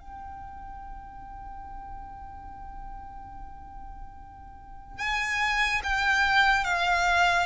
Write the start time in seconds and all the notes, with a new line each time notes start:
0.00 G5
4.98 G#5
5.83 G5
6.64 F5